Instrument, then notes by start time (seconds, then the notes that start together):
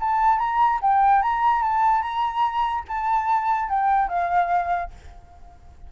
flute
0.00 A5
0.38 A#5
0.82 G5
1.22 A#5
1.62 A5
2.02 A#5
2.88 A5
3.69 G5
4.08 F5